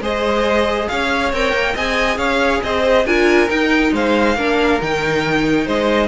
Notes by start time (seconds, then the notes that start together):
0.00 G#3 G#4 C5 D#5
0.88 C#4 C#5 F5
1.32 C4 A#4 G5
1.52 A#3
1.74 C4 G#4 D#5 G#5
2.17 C#4 C#5 F5
2.63 C4 C5 D#5
3.05 D4 F4 A#4 G#5
3.48 D#4 G5
3.92 G#3 C5 F5
4.36 A#3 D4 A#4
4.80 D#3 D#4 G5
5.65 G#3 C5 D#5